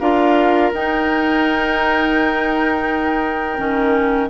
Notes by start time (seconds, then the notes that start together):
0.00 D4 F4 A#4 F5
0.73 D#4 G5
3.58 D#3 C#4